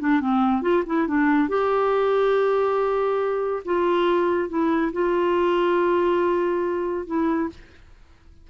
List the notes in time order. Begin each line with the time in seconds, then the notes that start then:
0.00 D4
0.21 C4
0.62 F4
0.86 E4
1.08 D4
1.49 G4
3.65 F4
4.49 E4
4.93 F4
7.07 E4